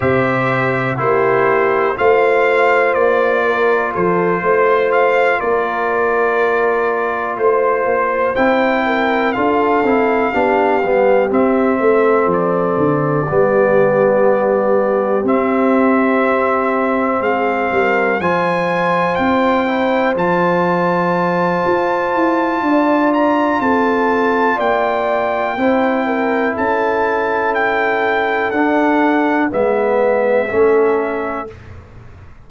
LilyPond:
<<
  \new Staff \with { instrumentName = "trumpet" } { \time 4/4 \tempo 4 = 61 e''4 c''4 f''4 d''4 | c''4 f''8 d''2 c''8~ | c''8 g''4 f''2 e''8~ | e''8 d''2. e''8~ |
e''4. f''4 gis''4 g''8~ | g''8 a''2. ais''8 | a''4 g''2 a''4 | g''4 fis''4 e''2 | }
  \new Staff \with { instrumentName = "horn" } { \time 4/4 c''4 g'4 c''4. ais'8 | a'8 c''4 ais'2 c''8~ | c''4 ais'8 a'4 g'4. | a'4. g'2~ g'8~ |
g'4. gis'8 ais'8 c''4.~ | c''2. d''4 | a'4 d''4 c''8 ais'8 a'4~ | a'2 b'4 a'4 | }
  \new Staff \with { instrumentName = "trombone" } { \time 4/4 g'4 e'4 f'2~ | f'1~ | f'8 e'4 f'8 e'8 d'8 b8 c'8~ | c'4. b2 c'8~ |
c'2~ c'8 f'4. | e'8 f'2.~ f'8~ | f'2 e'2~ | e'4 d'4 b4 cis'4 | }
  \new Staff \with { instrumentName = "tuba" } { \time 4/4 c4 ais4 a4 ais4 | f8 a4 ais2 a8 | ais8 c'4 d'8 c'8 b8 g8 c'8 | a8 f8 d8 g2 c'8~ |
c'4. gis8 g8 f4 c'8~ | c'8 f4. f'8 e'8 d'4 | c'4 ais4 c'4 cis'4~ | cis'4 d'4 gis4 a4 | }
>>